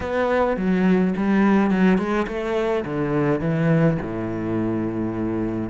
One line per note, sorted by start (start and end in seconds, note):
0.00 0.56 B3
0.57 1.14 F#3
1.16 1.71 G3
1.71 1.97 F#3
1.97 2.26 G#3
2.27 2.84 A3
2.84 3.40 D3
3.40 3.97 E3
4.01 5.69 A2